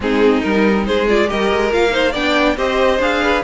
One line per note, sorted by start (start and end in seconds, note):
0.00 0.40 G#3
0.00 0.43 C4
0.00 0.86 D#4
0.00 0.42 G#4
0.42 0.87 G3
0.42 1.07 D#4
0.42 0.85 A#4
0.85 1.30 G#3
0.85 1.29 G#4
0.85 1.07 C5
1.08 1.27 F4
1.08 1.29 D5
1.27 1.51 G3
1.27 1.70 G4
1.27 1.92 A#4
1.27 1.72 D#5
1.51 1.72 G#3
1.72 2.14 A#3
1.72 1.89 F4
1.72 2.14 F5
1.89 2.11 D#4
1.89 2.11 C5
2.11 2.56 B3
2.11 2.56 D4
2.11 2.54 D5
2.11 2.57 G5
2.56 2.99 C4
2.56 2.99 G4
2.56 3.22 C5
2.56 3.00 D#5
2.99 3.42 D4
2.99 3.43 G#4
2.99 3.43 F5
3.22 3.43 B4